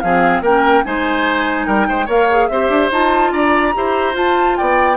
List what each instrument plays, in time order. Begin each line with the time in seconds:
0.00 bassoon F3, clarinet C4, oboe G#4, flute F5
0.41 bassoon A#3, clarinet C#4, oboe A#4, flute G5
0.84 bassoon G#3, clarinet D#4, oboe C5, flute G#5
1.66 bassoon G3, oboe A#4, flute G5
1.89 bassoon G#3, oboe C5
2.05 bassoon A#3, clarinet A#4, oboe C#5, flute F5
2.31 clarinet G#4
2.48 bassoon C4, clarinet G4, oboe C5, flute E5
2.69 bassoon D4
2.91 bassoon D#4, clarinet F4, flute A5
3.32 bassoon D4, oboe D5, flute A#5
3.74 bassoon E4, clarinet G4, oboe C5
4.13 clarinet F4, bassoon F4, flute A5
4.56 bassoon B3, oboe D5, flute G5